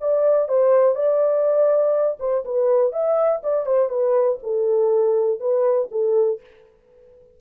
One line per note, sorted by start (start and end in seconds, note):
0.00 0.48 D5
0.48 0.95 C5
0.95 2.18 D5
2.19 2.44 C5
2.45 2.92 B4
2.92 3.42 E5
3.43 3.66 D5
3.66 3.89 C5
3.89 4.38 B4
4.43 5.40 A4
5.40 5.89 B4
5.91 6.40 A4